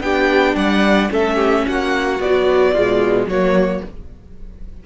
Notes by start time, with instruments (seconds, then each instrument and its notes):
0.00 cello B3, viola D4, violin G4 G5
0.55 cello G3, violin D5 F#5
1.09 cello A3, viola C#4, violin A4 E5
1.35 violin G4
1.67 cello A#3, violin F#4 F#5
2.20 viola F#3, cello B3, violin D5
2.72 cello B2, viola G#3, violin F4
3.26 cello F#3, viola A#3, violin F#4 C#5